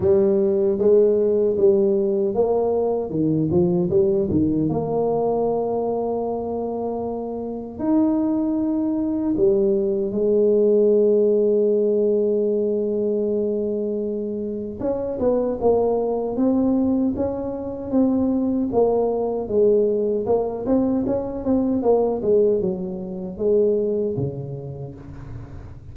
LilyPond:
\new Staff \with { instrumentName = "tuba" } { \time 4/4 \tempo 4 = 77 g4 gis4 g4 ais4 | dis8 f8 g8 dis8 ais2~ | ais2 dis'2 | g4 gis2.~ |
gis2. cis'8 b8 | ais4 c'4 cis'4 c'4 | ais4 gis4 ais8 c'8 cis'8 c'8 | ais8 gis8 fis4 gis4 cis4 | }